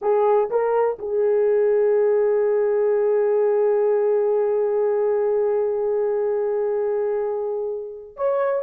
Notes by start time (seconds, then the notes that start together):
0.01 G#4
0.50 A#4
0.98 G#4
8.16 C#5